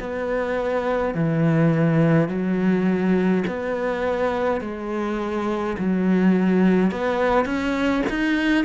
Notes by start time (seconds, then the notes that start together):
0.00 B3
1.14 E3
2.28 F#3
3.47 B3
4.60 G#3
5.78 F#3
6.91 B3
7.45 C#4
8.09 D#4